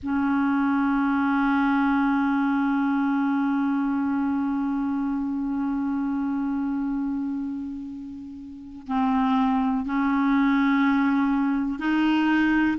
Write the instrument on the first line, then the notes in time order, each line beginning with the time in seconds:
clarinet
0.03 C#4
8.87 C4
9.85 C#4
11.79 D#4